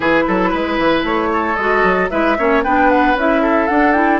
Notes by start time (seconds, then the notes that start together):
0.00 E3 E4 G#4 B4
0.27 F#3 A4
0.49 G#3 B4
0.78 E3
1.03 A3 C#5
1.32 A4
1.56 G#3 F#4 D#5
1.83 F#3
2.09 G#3 E4 B4 E5
2.38 A#3 C#4 C#5
2.63 B3 D4 B4 G5
2.90 F#5
3.15 C#4 E4 E5
3.42 A4
3.67 D4 F#5
3.92 E4 G5